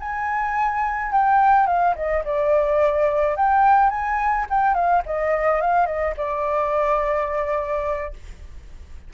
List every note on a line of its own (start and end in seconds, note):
0.00 1.12 G#5
1.12 1.67 G5
1.67 1.95 F5
1.96 2.24 D#5
2.25 3.36 D5
3.36 3.90 G5
3.90 4.46 G#5
4.50 4.74 G5
4.74 5.02 F5
5.06 5.61 D#5
5.61 5.86 F5
5.86 6.15 D#5
6.17 8.14 D5